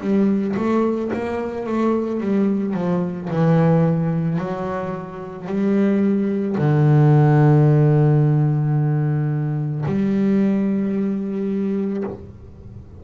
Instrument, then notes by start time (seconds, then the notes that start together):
double bass
0.00 G3
0.57 A3
1.13 A#3
1.66 A3
2.20 G3
2.74 F3
3.30 E3
4.38 F#3
5.46 G3
6.58 D3
9.85 G3